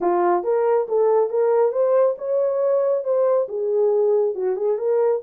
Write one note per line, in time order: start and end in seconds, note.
0.00 0.43 F4
0.43 0.87 A#4
0.88 1.29 A4
1.29 1.72 A#4
1.72 2.15 C5
2.18 3.03 C#5
3.03 3.47 C5
3.48 4.34 G#4
4.34 4.56 F#4
4.56 4.77 G#4
4.77 5.21 A#4